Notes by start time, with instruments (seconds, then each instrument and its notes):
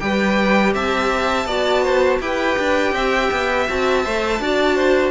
0.00 cello G3, viola G4, violin B4 G5
0.74 cello C4, violin E5 A5
1.46 cello B3, viola F#4, violin D5
1.83 violin C5
2.21 cello E4, viola G4, violin B4 G5
2.59 cello D4
2.93 cello C4, violin E5
3.32 cello B3
3.69 cello C4, viola F#4, violin A5
4.05 cello A3, viola C5
4.40 cello D4, viola F#4, violin D5
4.76 violin C5